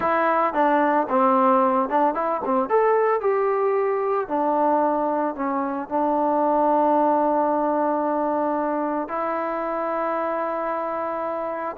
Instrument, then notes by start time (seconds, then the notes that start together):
trombone
0.00 E4
0.53 D4
1.09 C4
1.89 D4
2.14 E4
2.44 C4
2.69 A4
3.20 G4
4.28 D4
5.35 C#4
5.88 D4
9.08 E4